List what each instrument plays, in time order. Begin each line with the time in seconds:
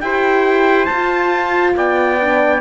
0.00 cello E4, horn G4, trumpet C5 G5
0.85 cello F4, trumpet A5
0.93 horn F4
1.76 cello B3, trumpet D5 G5
2.20 horn D4